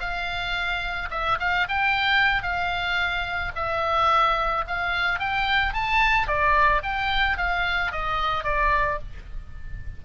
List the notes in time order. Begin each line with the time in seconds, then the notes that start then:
0.00 F5
1.11 E5
1.40 F5
1.69 G5
2.43 F5
3.56 E5
4.68 F5
5.20 G5
5.74 A5
6.28 D5
6.84 G5
7.38 F5
7.92 D#5
8.44 D5